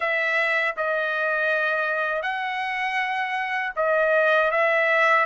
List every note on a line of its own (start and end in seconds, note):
0.00 0.75 E5
0.76 2.22 D#5
2.22 3.72 F#5
3.76 4.51 D#5
4.51 5.25 E5